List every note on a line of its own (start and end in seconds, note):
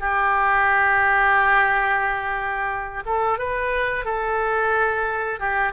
0.00 3.03 G4
3.06 3.38 A4
3.38 4.05 B4
4.05 5.39 A4
5.39 5.72 G4